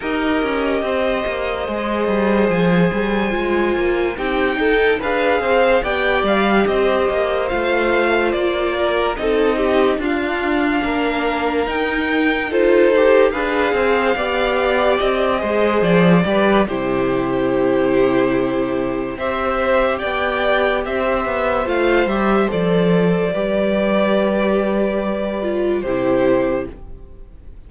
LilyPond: <<
  \new Staff \with { instrumentName = "violin" } { \time 4/4 \tempo 4 = 72 dis''2. gis''4~ | gis''4 g''4 f''4 g''8 f''8 | dis''4 f''4 d''4 dis''4 | f''2 g''4 c''4 |
f''2 dis''4 d''4 | c''2. e''4 | g''4 e''4 f''8 e''8 d''4~ | d''2. c''4 | }
  \new Staff \with { instrumentName = "violin" } { \time 4/4 ais'4 c''2.~ | c''4 g'8 a'8 b'8 c''8 d''4 | c''2~ c''8 ais'8 a'8 g'8 | f'4 ais'2 a'4 |
b'8 c''8 d''4. c''4 b'8 | g'2. c''4 | d''4 c''2. | b'2. g'4 | }
  \new Staff \with { instrumentName = "viola" } { \time 4/4 g'2 gis'2 | f'4 dis'4 gis'4 g'4~ | g'4 f'2 dis'4 | d'2 dis'4 f'8 g'8 |
gis'4 g'4. gis'4 g'8 | e'2. g'4~ | g'2 f'8 g'8 a'4 | g'2~ g'8 f'8 e'4 | }
  \new Staff \with { instrumentName = "cello" } { \time 4/4 dis'8 cis'8 c'8 ais8 gis8 g8 f8 g8 | gis8 ais8 c'8 dis'8 d'8 c'8 b8 g8 | c'8 ais8 a4 ais4 c'4 | d'4 ais4 dis'2 |
d'8 c'8 b4 c'8 gis8 f8 g8 | c2. c'4 | b4 c'8 b8 a8 g8 f4 | g2. c4 | }
>>